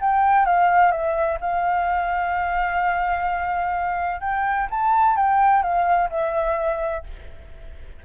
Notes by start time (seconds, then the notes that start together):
0.00 G5
0.45 F5
0.91 E5
1.41 F5
4.21 G5
4.70 A5
5.16 G5
5.62 F5
6.10 E5